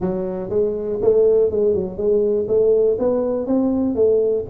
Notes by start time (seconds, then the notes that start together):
0.00 F#3
0.49 G#3
1.01 A3
1.50 G#3
1.74 F#3
1.97 G#3
2.47 A3
2.99 B3
3.46 C4
3.95 A3